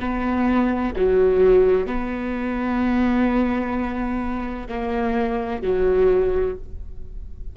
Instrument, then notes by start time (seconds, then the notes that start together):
viola
0.00 B3
0.96 F#3
1.87 B3
4.69 A#3
5.62 F#3